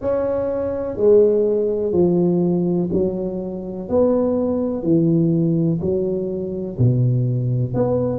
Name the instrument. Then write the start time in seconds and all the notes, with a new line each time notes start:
tuba
0.01 C#4
0.97 G#3
1.92 F3
2.93 F#3
3.88 B3
4.83 E3
5.81 F#3
6.78 B2
7.74 B3